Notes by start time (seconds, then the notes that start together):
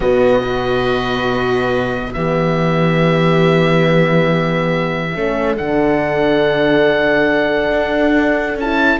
0.00 B2 B3 F#4 D#5
0.40 F#4 B4
2.13 E3 B3 G4 E5
5.14 A3 C#4 A4
5.57 D3 D4 F#5
7.71 D4
8.56 C#4 E4 A5